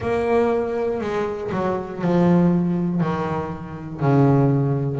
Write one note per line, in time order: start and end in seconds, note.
0.00 1.00 A#3
1.00 1.50 G#3
1.51 2.01 F#3
2.01 3.00 F3
3.00 4.00 D#3
4.00 5.00 C#3